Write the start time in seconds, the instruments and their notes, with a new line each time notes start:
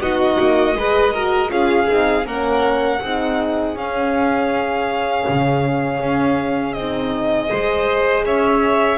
0.00 double bass B3, horn D#4, violin F#4 D#5
0.39 double bass A#3
0.75 double bass G#3, horn G#4, violin B4
1.13 horn F#4, violin A#4
1.49 double bass C#4, horn F4, violin G#4 F5
1.87 double bass C4, horn D#4
2.26 double bass A#3, horn C#4, violin A#4 F#5
3.01 double bass C4, horn D#4, violin G#4
3.75 double bass C#4, horn C#4, violin F5
5.29 double bass C#3
6.00 double bass C#4
6.73 double bass C4, horn D#4, violin D#5
7.50 double bass G#3, horn G#4, violin C5
8.25 double bass C#4, violin C#5 E5